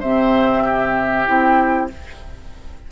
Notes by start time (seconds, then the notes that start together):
0.00 C3 C4 C5 E5
0.64 G4
1.26 C4 E4 G5